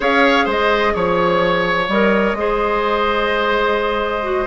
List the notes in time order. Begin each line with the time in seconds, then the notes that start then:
0.00 C#4 G#4 C#5 F5
0.45 G#3 C5 D#5
0.94 F3 C#5
1.88 G3 A#4 D#5
2.33 G#3 G#4
2.39 C5
4.22 F#4